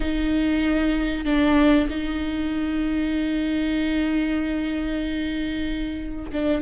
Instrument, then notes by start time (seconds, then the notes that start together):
viola
0.00 D#4
1.25 D4
1.89 D#4
6.32 D4